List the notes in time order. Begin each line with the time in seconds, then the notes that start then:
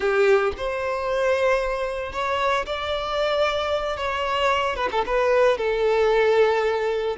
0.00 G4
0.57 C5
2.12 C#5
2.65 D5
3.97 C#5
4.75 B4
4.91 A4
5.06 B4
5.57 A4